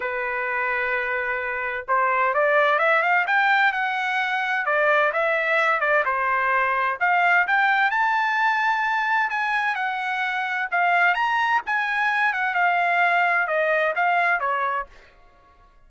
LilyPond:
\new Staff \with { instrumentName = "trumpet" } { \time 4/4 \tempo 4 = 129 b'1 | c''4 d''4 e''8 f''8 g''4 | fis''2 d''4 e''4~ | e''8 d''8 c''2 f''4 |
g''4 a''2. | gis''4 fis''2 f''4 | ais''4 gis''4. fis''8 f''4~ | f''4 dis''4 f''4 cis''4 | }